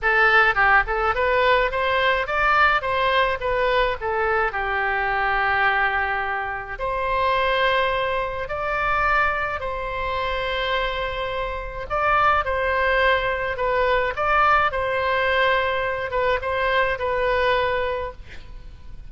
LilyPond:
\new Staff \with { instrumentName = "oboe" } { \time 4/4 \tempo 4 = 106 a'4 g'8 a'8 b'4 c''4 | d''4 c''4 b'4 a'4 | g'1 | c''2. d''4~ |
d''4 c''2.~ | c''4 d''4 c''2 | b'4 d''4 c''2~ | c''8 b'8 c''4 b'2 | }